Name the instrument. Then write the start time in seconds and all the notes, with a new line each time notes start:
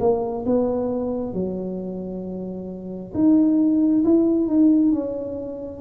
tuba
0.00 A#3
0.46 B3
1.34 F#3
3.14 D#4
4.05 E4
4.47 D#4
4.92 C#4